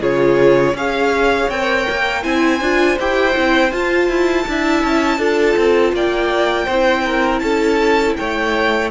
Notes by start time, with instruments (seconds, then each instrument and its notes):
0.00 cello C#3, viola F4, violin G#4 C#5
0.73 cello C#4, viola G#4, violin C#5 F5
1.49 cello C4, viola A#4, violin G5
1.89 cello A#3
2.22 cello C4, viola E4, violin C5 G#5
2.60 cello D4, viola F4
2.99 cello E4, viola G4, violin G5
3.33 cello C4, viola E4
3.71 cello F4, viola F4, violin A5
4.08 cello E4
4.47 cello D4, viola E4, violin E5
4.83 cello C#4
5.17 cello D4, viola F4, violin A4
5.56 cello C4
5.92 cello A#3, violin D5 G5
6.64 cello C4, violin C5
6.72 viola E4
7.04 violin A#4
7.39 cello C#4, violin A4 A5
8.16 cello A3, violin C#5 G5